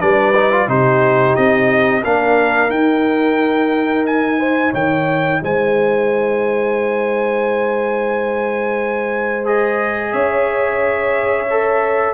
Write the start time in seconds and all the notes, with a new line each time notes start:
0.00 G3 D4 B4 D5
0.35 D#4
0.52 F4
0.68 C3 D#4 G4 C5
1.36 C4 D#5
2.03 A#3 D4 A#4 F5
2.69 D#4 G5
4.06 G#5
4.39 C5
4.71 D#3 C#5 G5
5.42 G#3 C5 G#5
9.45 G#4 D#5
10.12 C#4 C#5 E5
11.50 A4